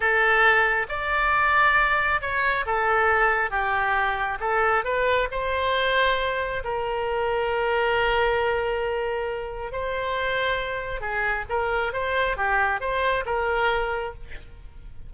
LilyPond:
\new Staff \with { instrumentName = "oboe" } { \time 4/4 \tempo 4 = 136 a'2 d''2~ | d''4 cis''4 a'2 | g'2 a'4 b'4 | c''2. ais'4~ |
ais'1~ | ais'2 c''2~ | c''4 gis'4 ais'4 c''4 | g'4 c''4 ais'2 | }